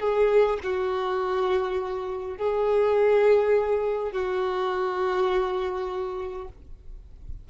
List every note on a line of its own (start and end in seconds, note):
0.00 0.59 G#4
0.64 2.37 F#4
2.37 4.12 G#4
4.12 6.48 F#4